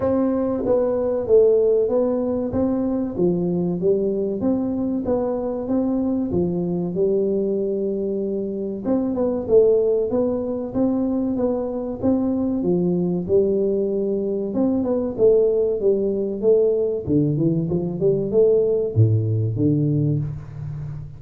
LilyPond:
\new Staff \with { instrumentName = "tuba" } { \time 4/4 \tempo 4 = 95 c'4 b4 a4 b4 | c'4 f4 g4 c'4 | b4 c'4 f4 g4~ | g2 c'8 b8 a4 |
b4 c'4 b4 c'4 | f4 g2 c'8 b8 | a4 g4 a4 d8 e8 | f8 g8 a4 a,4 d4 | }